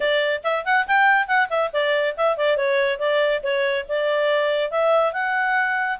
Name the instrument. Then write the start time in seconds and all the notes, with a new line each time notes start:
clarinet
0.00 D5
0.43 E5
0.65 F#5
0.87 G5
1.27 F#5
1.49 E5
1.72 D5
2.16 E5
2.37 D5
2.56 C#5
2.98 D5
3.42 C#5
3.88 D5
4.70 E5
5.12 F#5